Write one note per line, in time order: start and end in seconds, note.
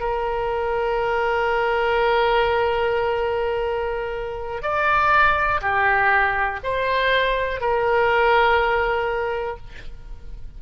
0.00 4.63 A#4
4.63 5.61 D5
5.62 6.60 G4
6.63 7.61 C5
7.61 9.57 A#4